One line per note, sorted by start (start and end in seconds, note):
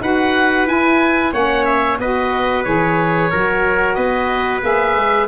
0.00 0.66 D#4
0.00 0.67 F#4
0.00 1.32 B4
0.00 0.68 F#5
0.66 1.32 E4
0.66 1.33 E4
0.66 1.34 G#5
1.32 1.99 A#3
1.32 1.99 C#4
1.32 1.98 C#5
1.32 1.65 F#5
1.65 1.98 E5
1.99 2.65 B3
1.99 2.64 F#4
1.99 3.30 B4
1.99 2.64 D#5
2.64 3.31 E3
2.64 3.30 G#4
2.64 3.94 C#5
3.30 3.96 F#3
3.30 4.62 F#4
3.30 3.96 A#4
3.94 4.62 B3
3.94 5.27 B4
3.94 4.60 D#5
4.62 4.96 A#3
4.62 5.28 G#4
4.62 5.28 E5
4.96 5.28 G#3